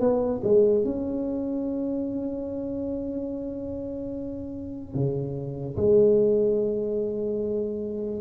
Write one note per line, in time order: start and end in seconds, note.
0.00 0.41 B3
0.43 0.84 G#3
0.84 4.94 C#4
4.94 5.76 C#3
5.77 8.21 G#3